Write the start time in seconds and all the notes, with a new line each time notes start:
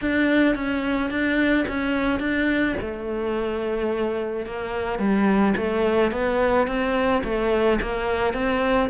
0.01 D4
0.55 C#4
1.10 D4
1.68 C#4
2.19 D4
2.80 A3
4.45 A#3
4.98 G3
5.56 A3
6.11 B3
6.67 C4
7.24 A3
7.81 A#3
8.33 C4